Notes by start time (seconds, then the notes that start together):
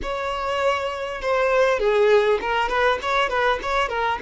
0.02 C#5
1.21 C5
1.79 G#4
2.41 A#4
2.68 B4
3.02 C#5
3.29 B4
3.62 C#5
3.88 A#4